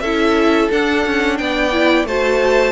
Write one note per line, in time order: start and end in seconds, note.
0.00 0.68 C#4
0.00 0.70 E4
0.00 1.38 A4
0.00 0.68 E5
0.70 1.72 D4
0.70 1.06 D4
0.70 1.37 F#5
1.06 1.39 C#4
1.37 2.04 B3
1.37 2.07 D5
1.37 2.05 G5
1.72 2.06 E4
2.04 2.72 A3
2.04 2.72 F#4
2.04 2.72 C5
2.04 2.72 A5